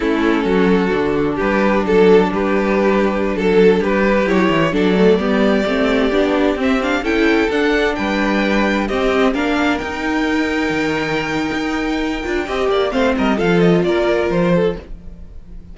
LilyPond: <<
  \new Staff \with { instrumentName = "violin" } { \time 4/4 \tempo 4 = 130 a'2. b'4 | a'4 b'2~ b'16 a'8.~ | a'16 b'4 cis''4 d''4.~ d''16~ | d''2~ d''16 e''8 f''8 g''8.~ |
g''16 fis''4 g''2 dis''8.~ | dis''16 f''4 g''2~ g''8.~ | g''1 | f''8 dis''8 f''8 dis''8 d''4 c''4 | }
  \new Staff \with { instrumentName = "violin" } { \time 4/4 e'4 fis'2 g'4 | a'4 g'2~ g'16 a'8.~ | a'16 g'2 a'4 g'8.~ | g'2.~ g'16 a'8.~ |
a'4~ a'16 b'2 g'8.~ | g'16 ais'2.~ ais'8.~ | ais'2. dis''8 d''8 | c''8 ais'8 a'4 ais'4. a'8 | }
  \new Staff \with { instrumentName = "viola" } { \time 4/4 cis'2 d'2~ | d'1~ | d'4~ d'16 e'4 d'8 a8 b8.~ | b16 c'4 d'4 c'8 d'8 e'8.~ |
e'16 d'2. c'8.~ | c'16 d'4 dis'2~ dis'8.~ | dis'2~ dis'8 f'8 g'4 | c'4 f'2. | }
  \new Staff \with { instrumentName = "cello" } { \time 4/4 a4 fis4 d4 g4 | fis4 g2~ g16 fis8.~ | fis16 g4 fis8 e8 fis4 g8.~ | g16 a4 b4 c'4 cis'8.~ |
cis'16 d'4 g2 c'8.~ | c'16 ais4 dis'2 dis8.~ | dis4 dis'4. d'8 c'8 ais8 | a8 g8 f4 ais4 f4 | }
>>